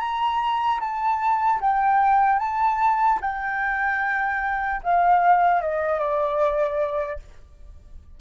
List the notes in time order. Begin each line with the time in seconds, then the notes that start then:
0.00 A#5
0.80 A5
1.61 G5
2.40 A5
3.21 G5
4.84 F5
5.61 D#5
6.00 D5